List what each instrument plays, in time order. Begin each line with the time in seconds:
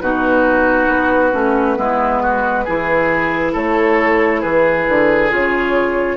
0.00 bassoon B2, clarinet D#4, oboe F#4, flute B4
0.88 bassoon B3
1.33 bassoon A3, clarinet C#4
1.76 bassoon G#3, clarinet B3, oboe E4
2.22 oboe F#4
2.64 bassoon E3, clarinet E4, oboe G#4
3.52 bassoon A3, oboe A4, flute C#5
4.40 bassoon E3, oboe G#4, flute B4
4.88 bassoon D3
5.29 bassoon C#3, clarinet F4, flute C#5